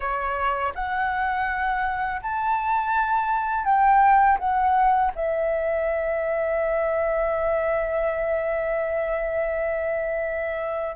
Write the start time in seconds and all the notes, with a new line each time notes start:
0.00 C#5
0.75 F#5
2.22 A5
3.65 G5
4.38 F#5
5.15 E5